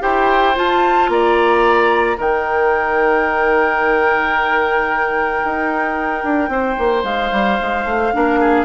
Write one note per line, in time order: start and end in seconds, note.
0.00 0.56 E4
0.00 0.54 G4
0.00 1.10 C5
0.00 0.56 G5
0.55 2.16 F4
0.55 1.09 F4
0.55 1.10 A5
1.09 2.17 A#3
1.09 2.17 D5
1.09 2.18 A#5
2.16 5.42 D#3
2.16 8.10 D#4
2.16 6.50 A#4
2.16 7.05 G5
5.44 6.24 D#4
6.24 6.49 D4
6.49 6.76 C4
6.49 8.14 C5
6.78 7.04 A#3
7.04 7.31 G#3
7.04 8.65 F5
7.31 7.58 G3
7.61 7.85 G#3
7.85 8.12 A3
8.13 8.65 A#3
8.13 8.65 D4
8.13 8.40 A#4
8.40 8.65 G#4